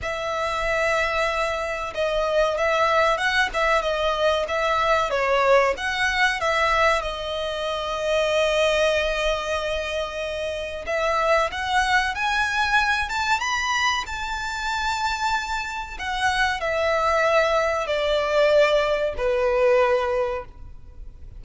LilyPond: \new Staff \with { instrumentName = "violin" } { \time 4/4 \tempo 4 = 94 e''2. dis''4 | e''4 fis''8 e''8 dis''4 e''4 | cis''4 fis''4 e''4 dis''4~ | dis''1~ |
dis''4 e''4 fis''4 gis''4~ | gis''8 a''8 b''4 a''2~ | a''4 fis''4 e''2 | d''2 b'2 | }